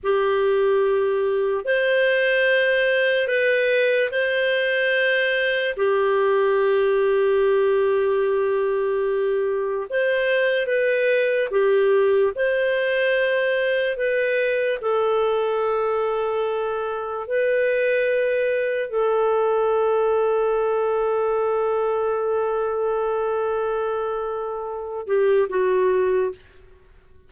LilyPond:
\new Staff \with { instrumentName = "clarinet" } { \time 4/4 \tempo 4 = 73 g'2 c''2 | b'4 c''2 g'4~ | g'1 | c''4 b'4 g'4 c''4~ |
c''4 b'4 a'2~ | a'4 b'2 a'4~ | a'1~ | a'2~ a'8 g'8 fis'4 | }